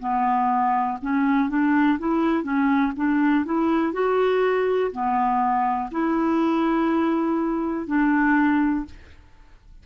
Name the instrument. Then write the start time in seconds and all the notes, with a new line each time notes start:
clarinet
0.00 B3
1.02 C#4
1.49 D4
1.99 E4
2.43 C#4
2.96 D4
3.46 E4
3.93 F#4
4.92 B3
5.91 E4
7.87 D4